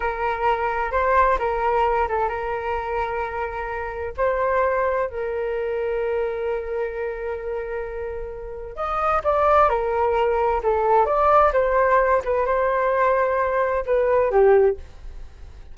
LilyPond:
\new Staff \with { instrumentName = "flute" } { \time 4/4 \tempo 4 = 130 ais'2 c''4 ais'4~ | ais'8 a'8 ais'2.~ | ais'4 c''2 ais'4~ | ais'1~ |
ais'2. dis''4 | d''4 ais'2 a'4 | d''4 c''4. b'8 c''4~ | c''2 b'4 g'4 | }